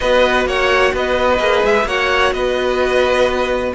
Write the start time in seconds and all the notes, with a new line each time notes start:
0.00 B3 F#4 B4 D#5
0.45 A#3 C#5 F#5
0.92 B3 B4 D#5
1.39 A#3 G#4
1.63 G#3 E5
1.84 A#3 F#4 C#5 F#5
2.32 B3 B4 D#5